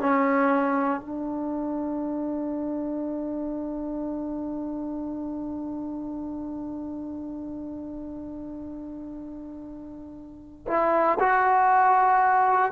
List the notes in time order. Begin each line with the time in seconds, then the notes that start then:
0.00 C#4
1.00 D4
10.68 E4
11.20 F#4